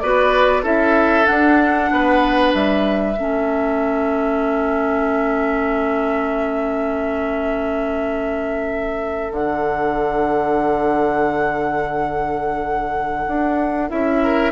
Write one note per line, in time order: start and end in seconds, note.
0.00 0.63 B3
0.00 0.63 F#4
0.00 0.63 B4
0.00 0.63 D5
0.63 1.26 C#4
0.63 1.25 E4
0.63 1.89 A4
0.63 1.26 E5
1.25 3.14 D4
1.25 1.91 D4
1.25 2.52 F#5
1.91 2.54 B3
1.91 3.19 B4
2.54 3.17 G3
2.54 9.33 E5
3.17 9.31 A3
3.17 9.33 C#4
3.17 14.23 A4
9.31 13.26 D3
9.31 13.89 D4
9.31 13.90 F#5
13.27 13.90 D4
13.89 14.52 C#4
13.89 14.52 E4
13.89 14.52 E5
14.23 14.52 A#4